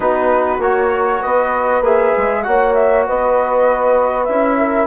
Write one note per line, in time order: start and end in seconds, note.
0.00 0.58 B3
0.00 0.59 D#4
0.00 1.19 F#4
0.00 0.61 B4
0.58 1.20 A#3
0.58 1.83 F#4
0.58 1.22 C#5
1.20 1.81 B3
1.20 2.42 B4
1.20 1.83 D#5
1.81 2.11 A#3
1.81 2.44 G#4
1.81 2.42 E5
2.17 2.46 G#3
2.42 3.08 A#3
2.42 4.27 F#4
2.42 3.07 C#5
2.42 2.73 F#5
2.73 3.04 E5
3.07 4.28 B3
3.07 4.59 B4
3.07 4.24 D#5
4.24 4.86 C#4
4.24 4.86 E4
4.24 4.85 E5
4.59 4.86 A#4